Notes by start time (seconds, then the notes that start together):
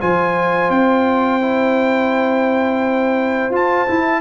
0.00 F3 F4 C5 G#5
0.70 C4 G5
1.41 E4
3.50 F4 A5
3.88 E4